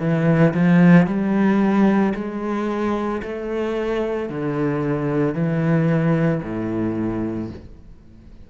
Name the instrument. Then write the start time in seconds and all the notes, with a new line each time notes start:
cello
0.00 E3
0.54 F3
1.07 G3
2.15 G#3
3.22 A3
4.29 D3
5.35 E3
6.43 A2